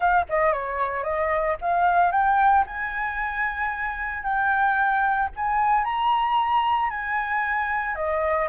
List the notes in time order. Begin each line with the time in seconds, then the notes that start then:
0.00 F5
0.29 D#5
0.53 C#5
1.03 D#5
1.61 F5
2.11 G5
2.66 G#5
4.23 G5
5.36 G#5
5.84 A#5
6.90 G#5
7.95 D#5